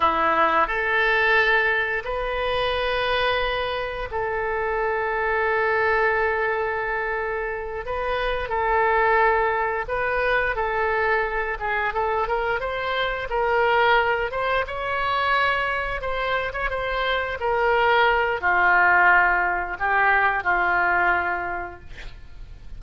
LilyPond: \new Staff \with { instrumentName = "oboe" } { \time 4/4 \tempo 4 = 88 e'4 a'2 b'4~ | b'2 a'2~ | a'2.~ a'8 b'8~ | b'8 a'2 b'4 a'8~ |
a'4 gis'8 a'8 ais'8 c''4 ais'8~ | ais'4 c''8 cis''2 c''8~ | c''16 cis''16 c''4 ais'4. f'4~ | f'4 g'4 f'2 | }